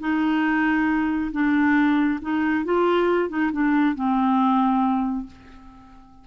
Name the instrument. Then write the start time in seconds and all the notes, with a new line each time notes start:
clarinet
0.00 D#4
1.32 D4
2.22 D#4
2.65 F4
3.29 D#4
3.52 D4
3.95 C4